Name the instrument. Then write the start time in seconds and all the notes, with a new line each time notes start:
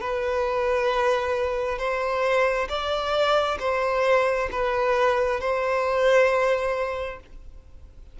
violin
0.00 B4
1.78 C5
2.68 D5
3.59 C5
4.51 B4
5.40 C5